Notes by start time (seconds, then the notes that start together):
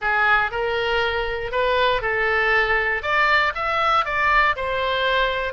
0.01 G#4
0.51 A#4
1.51 B4
2.01 A4
3.02 D5
3.55 E5
4.05 D5
4.56 C5